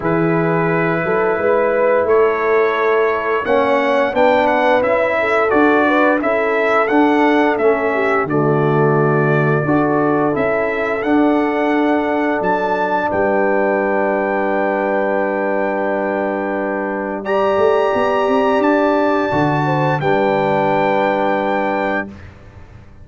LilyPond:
<<
  \new Staff \with { instrumentName = "trumpet" } { \time 4/4 \tempo 4 = 87 b'2. cis''4~ | cis''4 fis''4 g''8 fis''8 e''4 | d''4 e''4 fis''4 e''4 | d''2. e''4 |
fis''2 a''4 g''4~ | g''1~ | g''4 ais''2 a''4~ | a''4 g''2. | }
  \new Staff \with { instrumentName = "horn" } { \time 4/4 gis'4. a'8 b'4 a'4~ | a'4 cis''4 b'4. a'8~ | a'8 b'8 a'2~ a'8 g'8 | fis'2 a'2~ |
a'2. b'4~ | b'1~ | b'4 d''2.~ | d''8 c''8 b'2. | }
  \new Staff \with { instrumentName = "trombone" } { \time 4/4 e'1~ | e'4 cis'4 d'4 e'4 | fis'4 e'4 d'4 cis'4 | a2 fis'4 e'4 |
d'1~ | d'1~ | d'4 g'2. | fis'4 d'2. | }
  \new Staff \with { instrumentName = "tuba" } { \time 4/4 e4. fis8 gis4 a4~ | a4 ais4 b4 cis'4 | d'4 cis'4 d'4 a4 | d2 d'4 cis'4 |
d'2 fis4 g4~ | g1~ | g4. a8 b8 c'8 d'4 | d4 g2. | }
>>